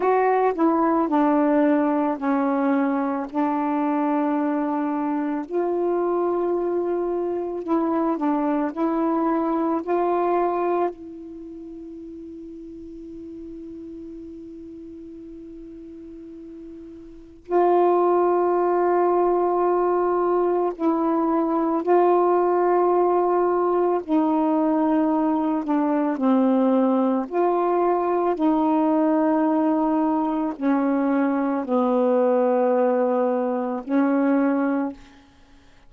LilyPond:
\new Staff \with { instrumentName = "saxophone" } { \time 4/4 \tempo 4 = 55 fis'8 e'8 d'4 cis'4 d'4~ | d'4 f'2 e'8 d'8 | e'4 f'4 e'2~ | e'1 |
f'2. e'4 | f'2 dis'4. d'8 | c'4 f'4 dis'2 | cis'4 b2 cis'4 | }